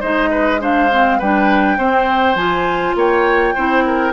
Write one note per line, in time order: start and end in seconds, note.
0.00 1.20 G#3
0.00 0.60 D#4
0.00 0.29 C5
0.00 0.61 D#5
0.31 0.60 B4
0.60 0.89 D4
0.60 1.18 C5
0.60 1.20 F5
0.92 1.21 C4
1.18 1.77 G3
1.18 1.78 D4
1.18 1.77 B4
1.18 2.36 G5
1.77 2.35 C4
1.77 2.37 C4
1.77 2.95 C5
2.35 2.94 F3
2.35 3.55 F4
2.35 2.95 G#5
2.95 3.54 A#3
2.95 3.54 C#5
2.95 4.13 G5
3.54 4.13 C4
3.54 4.13 E4
3.54 3.84 C5
3.86 4.13 A#4